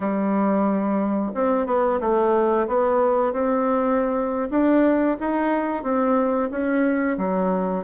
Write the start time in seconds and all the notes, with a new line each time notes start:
0.00 G3
1.34 C4
1.66 B3
2.00 A3
2.67 B3
3.32 C4
4.50 D4
5.20 D#4
5.83 C4
6.50 C#4
7.17 F#3